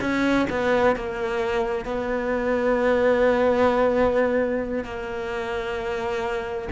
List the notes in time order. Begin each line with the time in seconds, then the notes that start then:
0.00 C#4
0.50 B3
0.95 A#3
1.85 B3
4.84 A#3